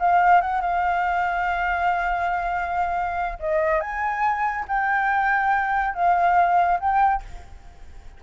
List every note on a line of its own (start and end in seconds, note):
0.00 0.42 F5
0.42 0.62 F#5
0.62 3.38 F5
3.40 3.81 D#5
3.81 4.66 G#5
4.68 5.95 G5
5.95 6.80 F5
6.80 7.23 G5